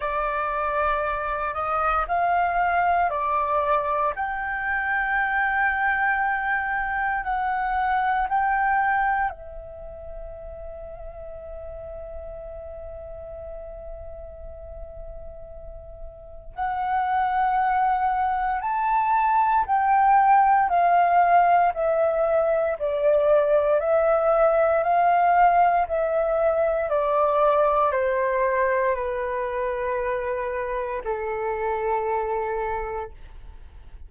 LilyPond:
\new Staff \with { instrumentName = "flute" } { \time 4/4 \tempo 4 = 58 d''4. dis''8 f''4 d''4 | g''2. fis''4 | g''4 e''2.~ | e''1 |
fis''2 a''4 g''4 | f''4 e''4 d''4 e''4 | f''4 e''4 d''4 c''4 | b'2 a'2 | }